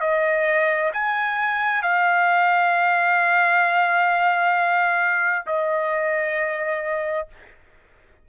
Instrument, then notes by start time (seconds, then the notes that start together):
trumpet
0.00 D#5
0.93 G#5
1.82 F5
5.46 D#5